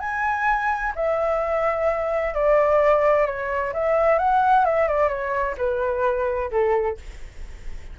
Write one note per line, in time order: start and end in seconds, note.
0.00 0.93 G#5
0.95 2.34 E5
2.34 3.26 D5
3.26 3.73 C#5
3.73 4.19 E5
4.19 4.65 F#5
4.65 4.88 E5
4.88 5.09 D5
5.09 5.55 C#5
5.58 6.51 B4
6.51 6.98 A4